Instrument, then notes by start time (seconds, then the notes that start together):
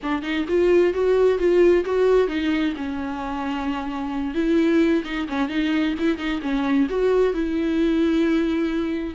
viola
0.02 D4
0.22 D#4
0.48 F4
0.93 F#4
1.38 F4
1.84 F#4
2.27 D#4
2.76 C#4
4.34 E4
5.04 D#4
5.28 C#4
5.49 D#4
5.99 E4
6.17 D#4
6.41 C#4
6.89 F#4
7.33 E4